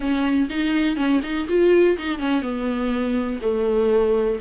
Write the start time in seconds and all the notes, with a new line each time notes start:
0.00 C#4
0.49 D#4
0.96 C#4
1.23 D#4
1.48 F4
1.98 D#4
2.18 C#4
2.42 B3
3.41 A3